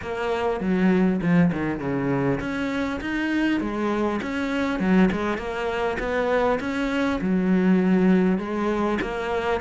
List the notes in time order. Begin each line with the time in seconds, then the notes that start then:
0.01 A#3
0.60 F#3
1.21 F3
1.52 D#3
1.79 C#3
2.40 C#4
3.00 D#4
3.60 G#3
4.22 C#4
4.79 F#3
5.11 G#3
5.37 A#3
5.99 B3
6.60 C#4
7.21 F#3
8.38 G#3
9.01 A#3